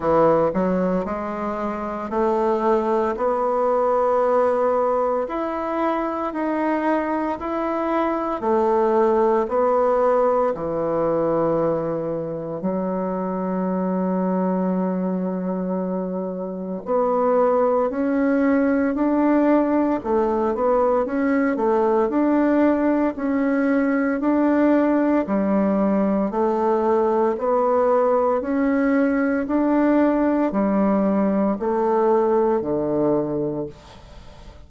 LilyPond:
\new Staff \with { instrumentName = "bassoon" } { \time 4/4 \tempo 4 = 57 e8 fis8 gis4 a4 b4~ | b4 e'4 dis'4 e'4 | a4 b4 e2 | fis1 |
b4 cis'4 d'4 a8 b8 | cis'8 a8 d'4 cis'4 d'4 | g4 a4 b4 cis'4 | d'4 g4 a4 d4 | }